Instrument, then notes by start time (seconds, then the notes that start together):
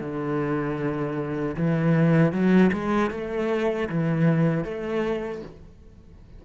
cello
0.00 D3
1.56 E3
2.32 F#3
2.72 G#3
3.11 A3
3.89 E3
4.64 A3